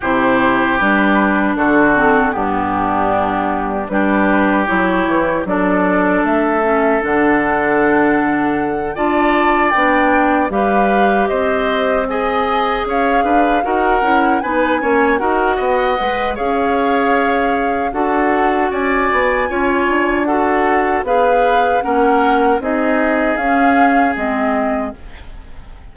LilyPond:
<<
  \new Staff \with { instrumentName = "flute" } { \time 4/4 \tempo 4 = 77 c''4 b'4 a'4 g'4~ | g'4 b'4 cis''4 d''4 | e''4 fis''2~ fis''8 a''8~ | a''8 g''4 f''4 dis''4 gis''8~ |
gis''8 f''4 fis''4 gis''4 fis''8~ | fis''4 f''2 fis''4 | gis''2 fis''4 f''4 | fis''4 dis''4 f''4 dis''4 | }
  \new Staff \with { instrumentName = "oboe" } { \time 4/4 g'2 fis'4 d'4~ | d'4 g'2 a'4~ | a'2.~ a'8 d''8~ | d''4. b'4 c''4 dis''8~ |
dis''8 cis''8 b'8 ais'4 b'8 cis''8 ais'8 | dis''4 cis''2 a'4 | d''4 cis''4 a'4 b'4 | ais'4 gis'2. | }
  \new Staff \with { instrumentName = "clarinet" } { \time 4/4 e'4 d'4. c'8 b4~ | b4 d'4 e'4 d'4~ | d'8 cis'8 d'2~ d'8 f'8~ | f'8 d'4 g'2 gis'8~ |
gis'4. fis'8 e'8 dis'8 cis'8 fis'8~ | fis'8 b'8 gis'2 fis'4~ | fis'4 f'4 fis'4 gis'4 | cis'4 dis'4 cis'4 c'4 | }
  \new Staff \with { instrumentName = "bassoon" } { \time 4/4 c4 g4 d4 g,4~ | g,4 g4 fis8 e8 fis4 | a4 d2~ d8 d'8~ | d'8 b4 g4 c'4.~ |
c'8 cis'8 d'8 dis'8 cis'8 b8 ais8 dis'8 | b8 gis8 cis'2 d'4 | cis'8 b8 cis'8 d'4. b4 | ais4 c'4 cis'4 gis4 | }
>>